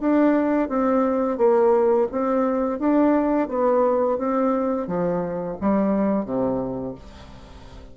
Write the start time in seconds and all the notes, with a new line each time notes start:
0.00 D4
0.69 C4
1.38 A#3
2.12 C4
2.79 D4
3.49 B3
4.18 C4
4.87 F3
5.61 G3
6.25 C3